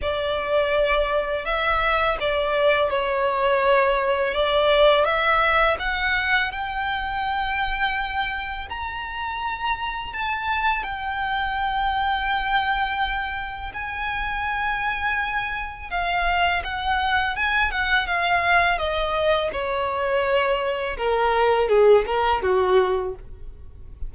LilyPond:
\new Staff \with { instrumentName = "violin" } { \time 4/4 \tempo 4 = 83 d''2 e''4 d''4 | cis''2 d''4 e''4 | fis''4 g''2. | ais''2 a''4 g''4~ |
g''2. gis''4~ | gis''2 f''4 fis''4 | gis''8 fis''8 f''4 dis''4 cis''4~ | cis''4 ais'4 gis'8 ais'8 fis'4 | }